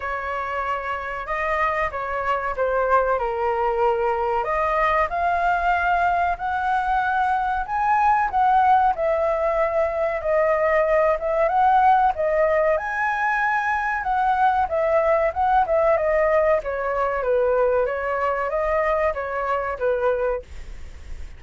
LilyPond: \new Staff \with { instrumentName = "flute" } { \time 4/4 \tempo 4 = 94 cis''2 dis''4 cis''4 | c''4 ais'2 dis''4 | f''2 fis''2 | gis''4 fis''4 e''2 |
dis''4. e''8 fis''4 dis''4 | gis''2 fis''4 e''4 | fis''8 e''8 dis''4 cis''4 b'4 | cis''4 dis''4 cis''4 b'4 | }